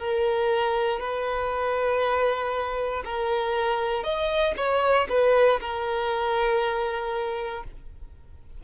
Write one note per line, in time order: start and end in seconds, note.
0.00 1.00 A#4
1.00 3.04 B4
3.06 4.04 A#4
4.04 4.55 D#5
4.58 5.08 C#5
5.09 5.60 B4
5.61 7.64 A#4